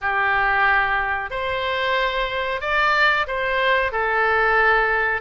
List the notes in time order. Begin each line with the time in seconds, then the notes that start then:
0.01 G4
1.30 C5
2.61 D5
3.27 C5
3.92 A4